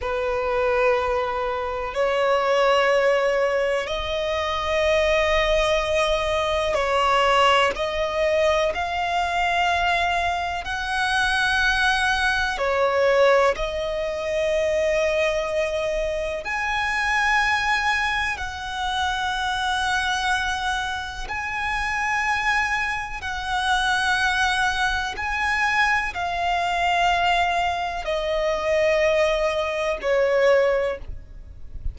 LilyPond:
\new Staff \with { instrumentName = "violin" } { \time 4/4 \tempo 4 = 62 b'2 cis''2 | dis''2. cis''4 | dis''4 f''2 fis''4~ | fis''4 cis''4 dis''2~ |
dis''4 gis''2 fis''4~ | fis''2 gis''2 | fis''2 gis''4 f''4~ | f''4 dis''2 cis''4 | }